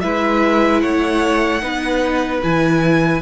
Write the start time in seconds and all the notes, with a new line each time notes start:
0.00 G#3 E4 B4 E5
0.80 A3 C#5 F#5
1.61 B3 D#4 B4
2.42 E3 E4 G#5